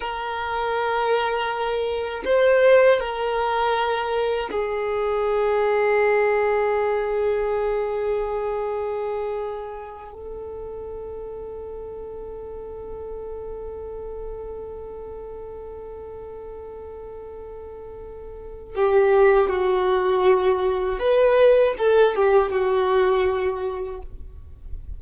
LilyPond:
\new Staff \with { instrumentName = "violin" } { \time 4/4 \tempo 4 = 80 ais'2. c''4 | ais'2 gis'2~ | gis'1~ | gis'4. a'2~ a'8~ |
a'1~ | a'1~ | a'4 g'4 fis'2 | b'4 a'8 g'8 fis'2 | }